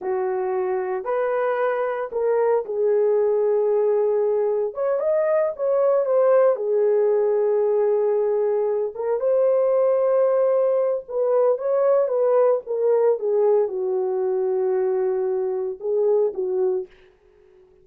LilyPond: \new Staff \with { instrumentName = "horn" } { \time 4/4 \tempo 4 = 114 fis'2 b'2 | ais'4 gis'2.~ | gis'4 cis''8 dis''4 cis''4 c''8~ | c''8 gis'2.~ gis'8~ |
gis'4 ais'8 c''2~ c''8~ | c''4 b'4 cis''4 b'4 | ais'4 gis'4 fis'2~ | fis'2 gis'4 fis'4 | }